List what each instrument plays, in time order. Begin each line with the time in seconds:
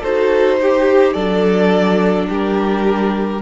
0.00 cello D#4, viola F#4, violin A4 C5
0.61 viola G4, violin G4
1.13 cello F#3, viola D4, violin A4 D5
2.29 cello G3, violin G4 A#4